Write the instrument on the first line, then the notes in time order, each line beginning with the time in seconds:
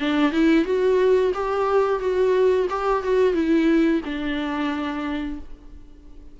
viola
0.00 D4
0.32 E4
0.65 F#4
1.35 G4
2.00 F#4
2.70 G4
3.04 F#4
3.34 E4
4.05 D4